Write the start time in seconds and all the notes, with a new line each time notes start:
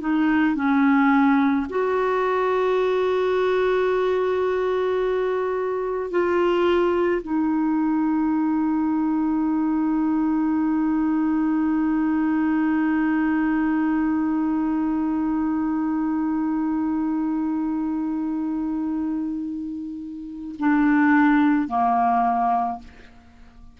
0.00 D#4
0.56 C#4
1.69 F#4
6.10 F4
7.22 D#4
20.59 D4
21.68 A#3